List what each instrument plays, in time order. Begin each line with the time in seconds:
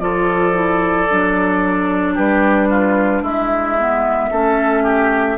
0.00 bassoon F3, clarinet F4, oboe A4, flute D5
0.53 clarinet E4
1.11 bassoon F#3, clarinet D4
2.15 bassoon G3, oboe G4, flute B4
2.70 oboe F4
3.23 bassoon G#3, oboe E4, flute E5
3.78 clarinet B3
4.31 bassoon A3, clarinet C#4, oboe A4
4.83 oboe G4